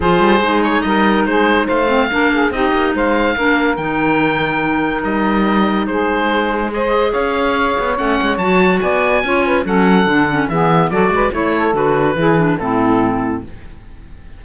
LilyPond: <<
  \new Staff \with { instrumentName = "oboe" } { \time 4/4 \tempo 4 = 143 c''4. cis''8 dis''4 c''4 | f''2 dis''4 f''4~ | f''4 g''2. | dis''2 c''2 |
dis''4 f''2 fis''4 | a''4 gis''2 fis''4~ | fis''4 e''4 d''4 cis''4 | b'2 a'2 | }
  \new Staff \with { instrumentName = "saxophone" } { \time 4/4 gis'2 ais'4 gis'4 | c''4 ais'8 gis'8 g'4 c''4 | ais'1~ | ais'2 gis'2 |
c''4 cis''2.~ | cis''4 d''4 cis''8 b'8 a'4~ | a'4 gis'4 a'8 b'8 cis''8 a'8~ | a'4 gis'4 e'2 | }
  \new Staff \with { instrumentName = "clarinet" } { \time 4/4 f'4 dis'2.~ | dis'8 c'8 d'4 dis'2 | d'4 dis'2.~ | dis'1 |
gis'2. cis'4 | fis'2 f'4 cis'4 | d'8 cis'8 b4 fis'4 e'4 | fis'4 e'8 d'8 c'2 | }
  \new Staff \with { instrumentName = "cello" } { \time 4/4 f8 g8 gis4 g4 gis4 | a4 ais4 c'8 ais8 gis4 | ais4 dis2. | g2 gis2~ |
gis4 cis'4. b8 a8 gis8 | fis4 b4 cis'4 fis4 | d4 e4 fis8 gis8 a4 | d4 e4 a,2 | }
>>